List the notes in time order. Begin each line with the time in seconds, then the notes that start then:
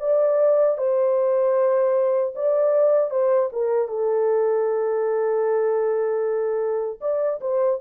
0.00 D5
0.78 C5
2.36 D5
3.11 C5
3.53 A#4
3.88 A4
7.01 D5
7.41 C5